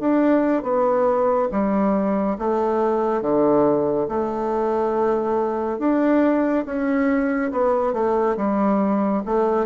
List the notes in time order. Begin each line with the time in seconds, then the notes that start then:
0.00 D4
0.63 B3
1.52 G3
2.38 A3
3.22 D3
4.09 A3
5.79 D4
6.66 C#4
7.52 B3
7.94 A3
8.37 G3
9.26 A3